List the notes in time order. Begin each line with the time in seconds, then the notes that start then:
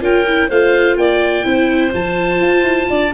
0.00 C#4 F4 A#4 G5
0.27 E4
0.48 A3 F4 C5 F5
0.97 A#3 D5 G5
1.44 C4 E4 C5
1.91 F3 F4 A5
2.41 F4
2.63 E4
2.90 D4 D5